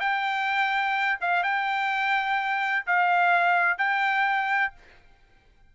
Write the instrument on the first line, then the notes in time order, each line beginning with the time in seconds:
trumpet
0.00 G5
1.21 F5
1.43 G5
2.87 F5
3.78 G5